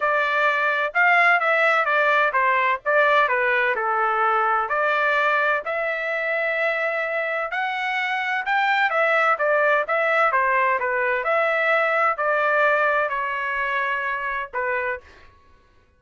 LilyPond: \new Staff \with { instrumentName = "trumpet" } { \time 4/4 \tempo 4 = 128 d''2 f''4 e''4 | d''4 c''4 d''4 b'4 | a'2 d''2 | e''1 |
fis''2 g''4 e''4 | d''4 e''4 c''4 b'4 | e''2 d''2 | cis''2. b'4 | }